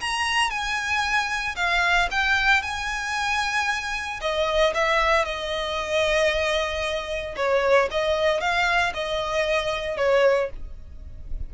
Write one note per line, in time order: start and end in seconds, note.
0.00 0.50 A#5
0.50 1.55 G#5
1.55 2.08 F5
2.11 2.62 G5
2.62 4.20 G#5
4.21 4.73 D#5
4.74 5.25 E5
5.25 7.35 D#5
7.36 7.89 C#5
7.90 8.40 D#5
8.40 8.93 F5
8.93 9.97 D#5
9.97 10.49 C#5